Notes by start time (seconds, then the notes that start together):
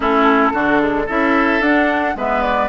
0.00 A3 C#4 E4 A4
0.53 D3 D4 F#4
0.80 G#3
1.06 C#4 E4 A4 E5
1.60 D4 F#5
2.15 G#3 B3 B4 E5
2.41 D5